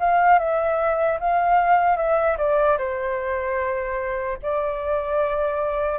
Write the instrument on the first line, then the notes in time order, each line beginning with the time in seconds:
flute
0.00 F5
0.39 E5
1.20 F5
1.97 E5
2.38 D5
2.79 C5
4.43 D5